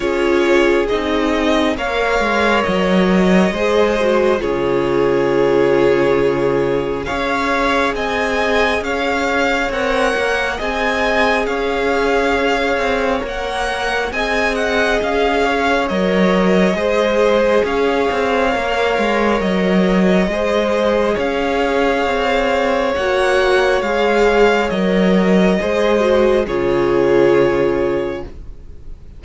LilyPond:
<<
  \new Staff \with { instrumentName = "violin" } { \time 4/4 \tempo 4 = 68 cis''4 dis''4 f''4 dis''4~ | dis''4 cis''2. | f''4 gis''4 f''4 fis''4 | gis''4 f''2 fis''4 |
gis''8 fis''8 f''4 dis''2 | f''2 dis''2 | f''2 fis''4 f''4 | dis''2 cis''2 | }
  \new Staff \with { instrumentName = "violin" } { \time 4/4 gis'2 cis''2 | c''4 gis'2. | cis''4 dis''4 cis''2 | dis''4 cis''2. |
dis''4. cis''4. c''4 | cis''2. c''4 | cis''1~ | cis''4 c''4 gis'2 | }
  \new Staff \with { instrumentName = "viola" } { \time 4/4 f'4 dis'4 ais'2 | gis'8 fis'8 f'2. | gis'2. ais'4 | gis'2. ais'4 |
gis'2 ais'4 gis'4~ | gis'4 ais'2 gis'4~ | gis'2 fis'4 gis'4 | ais'4 gis'8 fis'8 f'2 | }
  \new Staff \with { instrumentName = "cello" } { \time 4/4 cis'4 c'4 ais8 gis8 fis4 | gis4 cis2. | cis'4 c'4 cis'4 c'8 ais8 | c'4 cis'4. c'8 ais4 |
c'4 cis'4 fis4 gis4 | cis'8 c'8 ais8 gis8 fis4 gis4 | cis'4 c'4 ais4 gis4 | fis4 gis4 cis2 | }
>>